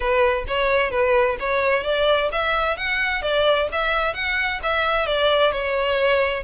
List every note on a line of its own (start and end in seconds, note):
0.00 0.44 B4
0.47 0.90 C#5
0.90 1.36 B4
1.39 1.83 C#5
1.83 2.29 D5
2.32 2.77 E5
2.77 3.22 F#5
3.22 3.68 D5
3.72 4.13 E5
4.13 4.60 F#5
4.62 5.06 E5
5.06 5.52 D5
5.52 6.44 C#5